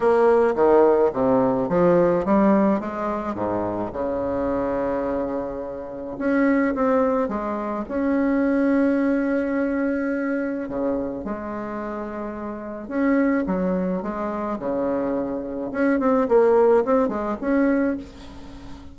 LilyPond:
\new Staff \with { instrumentName = "bassoon" } { \time 4/4 \tempo 4 = 107 ais4 dis4 c4 f4 | g4 gis4 gis,4 cis4~ | cis2. cis'4 | c'4 gis4 cis'2~ |
cis'2. cis4 | gis2. cis'4 | fis4 gis4 cis2 | cis'8 c'8 ais4 c'8 gis8 cis'4 | }